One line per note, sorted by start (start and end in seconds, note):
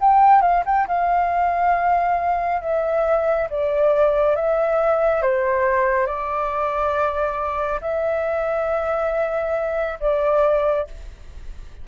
0.00 0.41 G5
0.41 0.63 F5
0.65 0.87 G5
0.87 2.61 F5
2.61 3.48 E5
3.50 4.35 D5
4.35 5.22 E5
5.22 6.06 C5
6.06 7.80 D5
7.81 9.98 E5
10.00 10.87 D5